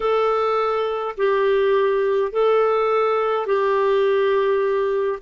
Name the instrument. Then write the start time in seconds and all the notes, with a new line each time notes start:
clarinet
0.00 A4
1.17 G4
2.32 A4
3.46 G4